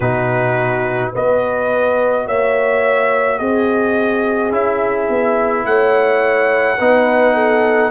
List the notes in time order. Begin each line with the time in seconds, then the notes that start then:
0.00 B2 D#4 F#4 B4
1.12 B3 F#4 B4 D#5
2.26 A#3 C#5 E5
3.38 C4 G#4 D#5
4.51 C#4 E4 E5
5.09 B3
5.65 A3 C#5 F#5
6.77 B3 D#4 B4
7.34 A4